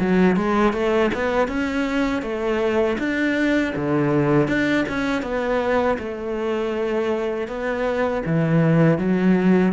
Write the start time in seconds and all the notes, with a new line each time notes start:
0.00 F#3
0.36 G#3
0.73 A3
1.14 B3
1.48 C#4
2.23 A3
2.99 D4
3.76 D3
4.48 D4
4.89 C#4
5.23 B3
5.99 A3
7.48 B3
8.26 E3
8.98 F#3